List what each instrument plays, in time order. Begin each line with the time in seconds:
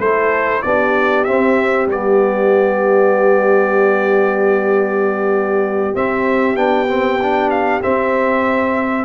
0.00 tuba A3, trombone E4, horn A4, trumpet C5
0.63 tuba B3, trombone D4, horn G4, trumpet D5
1.25 trombone C4, tuba C4, trumpet E5
1.88 tuba G3, trombone B3, trumpet D5
5.95 trombone C4, tuba C4, trumpet E5
6.56 tuba B3, trombone D4, trumpet G5
6.88 trombone C4
7.22 trombone D4
7.51 trumpet F5
7.82 trombone C4, tuba C4, trumpet E5